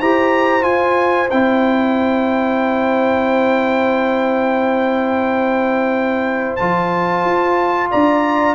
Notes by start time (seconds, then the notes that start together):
0.00 E4 G4 C5 A#5
0.62 F4 G#5
1.30 C4 E4 G5
6.56 F3 F4 A5
7.25 F4
7.91 D4 D5 A#5